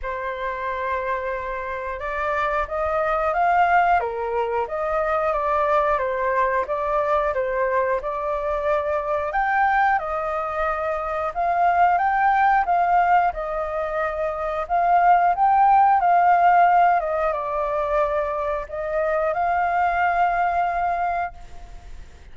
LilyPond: \new Staff \with { instrumentName = "flute" } { \time 4/4 \tempo 4 = 90 c''2. d''4 | dis''4 f''4 ais'4 dis''4 | d''4 c''4 d''4 c''4 | d''2 g''4 dis''4~ |
dis''4 f''4 g''4 f''4 | dis''2 f''4 g''4 | f''4. dis''8 d''2 | dis''4 f''2. | }